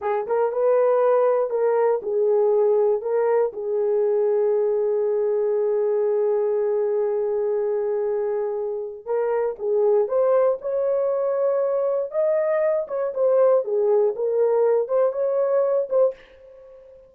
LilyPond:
\new Staff \with { instrumentName = "horn" } { \time 4/4 \tempo 4 = 119 gis'8 ais'8 b'2 ais'4 | gis'2 ais'4 gis'4~ | gis'1~ | gis'1~ |
gis'2 ais'4 gis'4 | c''4 cis''2. | dis''4. cis''8 c''4 gis'4 | ais'4. c''8 cis''4. c''8 | }